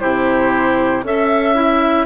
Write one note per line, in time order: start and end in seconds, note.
0.00 1.03 C3
0.00 1.03 E4
0.00 1.04 G4
0.00 1.03 C5
1.03 2.06 C#4
1.03 1.55 A4
1.03 2.06 E5
1.55 2.06 E4